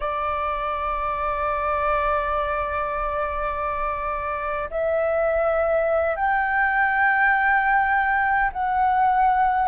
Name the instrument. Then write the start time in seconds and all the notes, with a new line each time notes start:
flute
0.00 D5
4.70 E5
6.16 G5
8.52 F#5